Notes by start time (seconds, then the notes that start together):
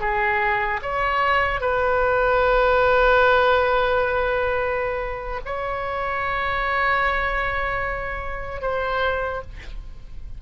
0.00 G#4
0.82 C#5
1.60 B4
5.45 C#5
8.61 C5